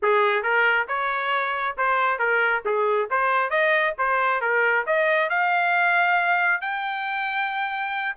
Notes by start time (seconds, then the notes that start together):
0.02 G#4
0.43 A#4
0.88 C#5
1.77 C5
2.18 A#4
2.65 G#4
3.10 C5
3.50 D#5
3.97 C5
4.41 A#4
4.86 D#5
5.29 F5
6.61 G5